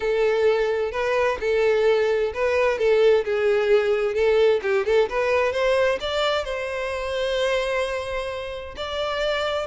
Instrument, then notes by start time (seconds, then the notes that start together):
violin
0.00 A4
0.91 B4
1.40 A4
2.33 B4
2.78 A4
3.24 G#4
4.14 A4
4.62 G4
4.85 A4
5.09 B4
5.52 C5
6.00 D5
6.44 C5
8.76 D5